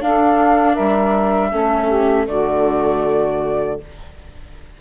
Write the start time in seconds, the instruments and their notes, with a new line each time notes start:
0.00 viola D4, bassoon D4, saxophone A4, flute F5
0.73 bassoon G3, saxophone A#4, flute E5
1.50 bassoon A3, viola C#4, saxophone A4
1.86 saxophone G4
2.26 bassoon D3, viola A3, saxophone F#4, flute D5